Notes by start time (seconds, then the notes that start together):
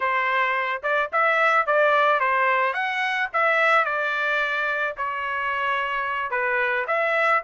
0.00 C5
0.83 D5
1.12 E5
1.66 D5
2.19 C5
2.73 F#5
3.33 E5
3.85 D5
4.97 C#5
6.30 B4
6.87 E5